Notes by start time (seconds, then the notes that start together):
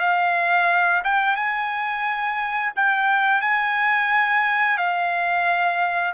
0.00 F5
1.04 G5
1.36 G#5
2.76 G5
3.41 G#5
4.78 F5